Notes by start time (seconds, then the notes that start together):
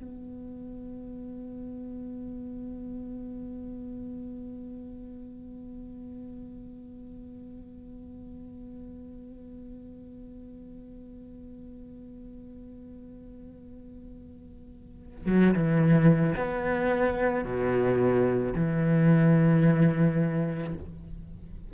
0.00 B3
15.26 F#3
15.54 E3
16.36 B3
17.44 B2
18.55 E3